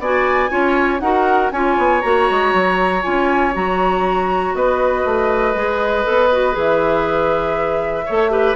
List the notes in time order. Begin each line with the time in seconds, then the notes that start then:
0.00 B3 F#4 D5 G#5
0.49 C#4 F4 C#5
1.00 D#4 F#4 A#4 F#5
1.52 C#4 F4 C#5 G#5
1.78 B3
2.02 A#3 F#4 A#5
2.31 G#3
2.54 F#3
3.03 C#4 F4 G#5
3.54 F#3 F#4 A#5
4.55 B3 B4 D#5
5.05 A3
5.55 G#3 G#4
6.04 B3 A4
6.33 F#4
6.53 E3 G#4 E5
8.06 A3 A4 C#5
8.31 G4 B4